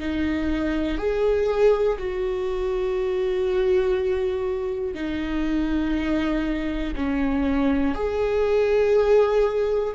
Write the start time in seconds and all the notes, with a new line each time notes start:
0.00 D#4
0.98 G#4
1.99 F#4
4.95 D#4
6.96 C#4
7.95 G#4